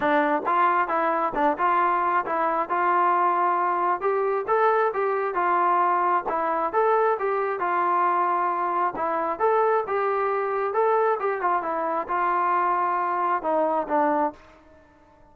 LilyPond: \new Staff \with { instrumentName = "trombone" } { \time 4/4 \tempo 4 = 134 d'4 f'4 e'4 d'8 f'8~ | f'4 e'4 f'2~ | f'4 g'4 a'4 g'4 | f'2 e'4 a'4 |
g'4 f'2. | e'4 a'4 g'2 | a'4 g'8 f'8 e'4 f'4~ | f'2 dis'4 d'4 | }